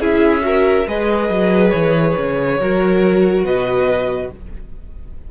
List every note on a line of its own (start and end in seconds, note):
0.00 0.86 C#4
0.00 0.41 E4
0.00 0.43 G#4
0.00 0.88 E5
0.41 0.84 F#4
0.41 0.88 A#4
0.87 1.29 G#3
0.87 2.59 G#4
0.87 2.60 B4
0.87 1.70 D#5
1.29 1.72 F#3
1.70 2.16 E3
1.70 3.42 C#5
2.17 2.60 C#3
2.59 3.44 F#3
2.59 4.31 F#4
2.59 3.45 A#4
3.44 4.30 B2
3.44 4.30 B4
3.44 4.31 D#5